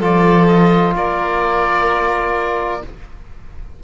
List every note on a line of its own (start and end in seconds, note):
0.00 0.95 F3
0.00 2.82 F4
0.00 0.94 A4
0.00 0.47 D5
0.47 0.94 D#5
0.95 2.82 A#3
0.95 2.84 A#4
0.95 2.84 D5